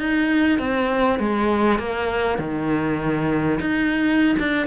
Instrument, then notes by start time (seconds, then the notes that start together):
cello
0.00 D#4
0.60 C4
1.20 G#3
1.80 A#3
2.39 D#3
3.61 D#4
4.40 D4